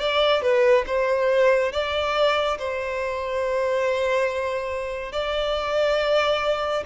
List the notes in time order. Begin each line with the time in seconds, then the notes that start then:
0.00 D5
0.42 B4
0.87 C5
1.72 D5
2.59 C5
5.13 D5